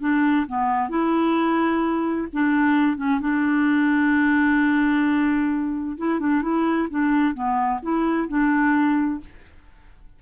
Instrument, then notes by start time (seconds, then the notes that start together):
clarinet
0.00 D4
0.47 B3
0.89 E4
2.33 D4
2.97 C#4
3.20 D4
5.97 E4
6.20 D4
6.42 E4
6.90 D4
7.34 B3
7.82 E4
8.28 D4